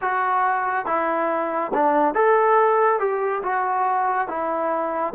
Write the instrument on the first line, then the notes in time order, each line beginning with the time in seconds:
trombone
0.01 F#4
0.86 E4
1.73 D4
2.14 A4
2.99 G4
3.42 F#4
4.27 E4